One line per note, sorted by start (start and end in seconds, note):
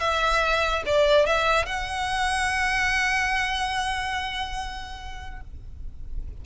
0.00 0.83 E5
0.86 1.26 D5
1.26 1.66 E5
1.66 5.41 F#5